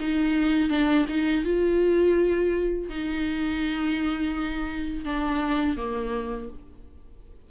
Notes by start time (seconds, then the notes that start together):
0.00 D#4
0.70 D4
1.09 D#4
1.45 F4
2.89 D#4
5.05 D4
5.77 A#3